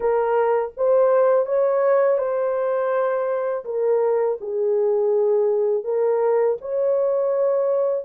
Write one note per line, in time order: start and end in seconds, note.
0.00 0.72 A#4
0.76 1.46 C5
1.46 2.18 C#5
2.18 3.64 C5
3.64 4.37 A#4
4.40 5.84 G#4
5.84 6.57 A#4
6.61 8.05 C#5